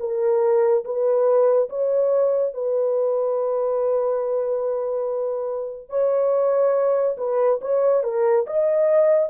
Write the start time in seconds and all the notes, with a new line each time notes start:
0.00 A#4
0.85 B4
1.70 C#5
2.54 B4
5.90 C#5
7.18 B4
7.62 C#5
8.04 A#4
8.47 D#5